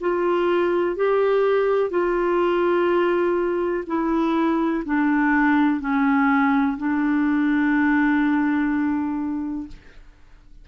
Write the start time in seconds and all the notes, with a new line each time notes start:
0.00 F4
0.95 G4
1.90 F4
3.87 E4
4.85 D4
5.80 C#4
6.77 D4